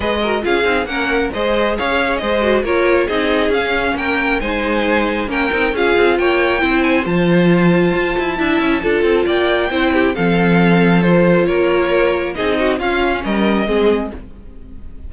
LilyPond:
<<
  \new Staff \with { instrumentName = "violin" } { \time 4/4 \tempo 4 = 136 dis''4 f''4 fis''4 dis''4 | f''4 dis''4 cis''4 dis''4 | f''4 g''4 gis''2 | g''4 f''4 g''4. gis''8 |
a''1~ | a''4 g''2 f''4~ | f''4 c''4 cis''2 | dis''4 f''4 dis''2 | }
  \new Staff \with { instrumentName = "violin" } { \time 4/4 b'8 ais'8 gis'4 ais'4 c''4 | cis''4 c''4 ais'4 gis'4~ | gis'4 ais'4 c''2 | ais'4 gis'4 cis''4 c''4~ |
c''2. e''4 | a'4 d''4 c''8 g'8 a'4~ | a'2 ais'2 | gis'8 fis'8 f'4 ais'4 gis'4 | }
  \new Staff \with { instrumentName = "viola" } { \time 4/4 gis'8 fis'8 f'8 dis'8 cis'4 gis'4~ | gis'4. fis'8 f'4 dis'4 | cis'2 dis'2 | cis'8 dis'8 f'2 e'4 |
f'2. e'4 | f'2 e'4 c'4~ | c'4 f'2. | dis'4 cis'2 c'4 | }
  \new Staff \with { instrumentName = "cello" } { \time 4/4 gis4 cis'8 c'8 ais4 gis4 | cis'4 gis4 ais4 c'4 | cis'4 ais4 gis2 | ais8 c'8 cis'8 c'8 ais4 c'4 |
f2 f'8 e'8 d'8 cis'8 | d'8 c'8 ais4 c'4 f4~ | f2 ais2 | c'4 cis'4 g4 gis4 | }
>>